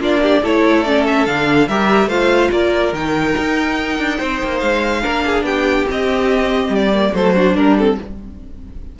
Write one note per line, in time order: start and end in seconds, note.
0.00 0.42 A#3
0.00 0.44 D4
0.00 0.21 F4
0.00 0.46 D5
0.23 0.42 G4
0.42 1.27 A3
0.42 0.86 E4
0.42 1.68 A4
0.42 0.83 C#5
0.83 1.27 C#4
0.83 1.04 D5
1.08 1.26 E5
1.26 1.68 D3
1.26 1.69 D4
1.26 1.68 F5
1.68 2.07 G3
1.68 2.10 G4
1.68 2.09 A#4
1.68 2.09 E5
2.07 2.49 A3
2.07 2.94 F4
2.07 2.51 C5
2.07 2.51 F5
2.52 2.93 A#3
2.52 4.18 A#4
2.52 2.94 D5
2.93 3.35 D#3
2.93 5.03 D#4
2.93 4.60 G5
3.38 3.99 D#4
3.99 4.20 D4
4.18 4.43 C4
4.18 5.02 C5
4.44 4.62 A#3
4.60 5.04 G#3
4.60 5.44 F5
5.03 5.43 A#3
5.03 5.87 D4
5.03 5.24 A#4
5.26 5.45 G#4
5.43 5.85 B3
5.43 7.13 G4
5.43 5.88 G5
5.87 6.92 C4
5.87 6.69 C4
5.87 6.75 D#5
6.69 7.11 G3
6.75 7.15 D5
6.94 7.15 A#3
7.14 7.56 F#3
7.14 7.36 A3
7.14 7.35 A4
7.14 7.57 C5
7.35 7.78 D4
7.35 7.53 F#4
7.53 7.98 G3
7.53 7.95 D4
7.53 7.78 A#4
7.78 8.00 C4
7.78 7.99 A4